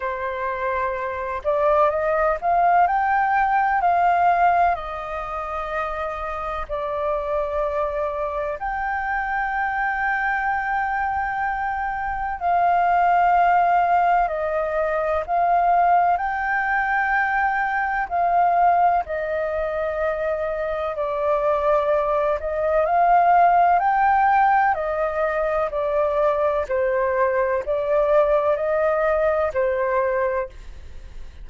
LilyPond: \new Staff \with { instrumentName = "flute" } { \time 4/4 \tempo 4 = 63 c''4. d''8 dis''8 f''8 g''4 | f''4 dis''2 d''4~ | d''4 g''2.~ | g''4 f''2 dis''4 |
f''4 g''2 f''4 | dis''2 d''4. dis''8 | f''4 g''4 dis''4 d''4 | c''4 d''4 dis''4 c''4 | }